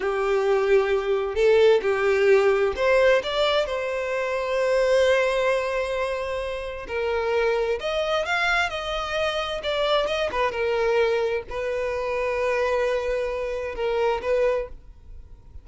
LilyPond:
\new Staff \with { instrumentName = "violin" } { \time 4/4 \tempo 4 = 131 g'2. a'4 | g'2 c''4 d''4 | c''1~ | c''2. ais'4~ |
ais'4 dis''4 f''4 dis''4~ | dis''4 d''4 dis''8 b'8 ais'4~ | ais'4 b'2.~ | b'2 ais'4 b'4 | }